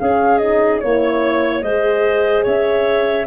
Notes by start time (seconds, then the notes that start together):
0.00 C#4 G#4 F5
0.38 D#4 D#5
0.80 A#3 E4 C#5
1.62 G#3 G#4 C5 D#5
2.43 C#4 C#5 E5